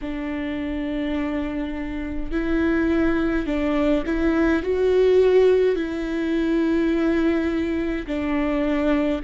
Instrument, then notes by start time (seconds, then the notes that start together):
viola
0.01 D4
2.31 E4
3.46 D4
4.06 E4
4.63 F#4
5.75 E4
8.06 D4